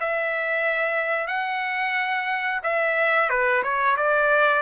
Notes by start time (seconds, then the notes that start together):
0.00 E5
1.27 F#5
2.63 E5
3.29 B4
3.63 C#5
3.97 D5